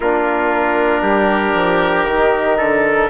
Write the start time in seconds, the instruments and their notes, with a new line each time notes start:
0.00 bassoon A#3, trombone D4, trumpet F4, oboe A#4
1.02 bassoon G3, trumpet G4
1.54 bassoon F3
2.06 bassoon D#3, trombone D#4
2.57 bassoon D3, trumpet A4